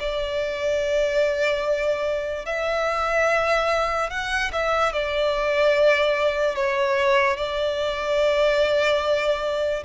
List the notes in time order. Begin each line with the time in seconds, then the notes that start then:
0.00 D5
2.46 E5
4.10 F#5
4.53 E5
4.93 D5
6.56 C#5
7.37 D5